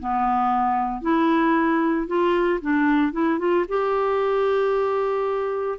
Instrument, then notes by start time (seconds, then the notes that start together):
clarinet
0.00 B3
1.02 E4
2.08 F4
2.61 D4
3.13 E4
3.39 F4
3.69 G4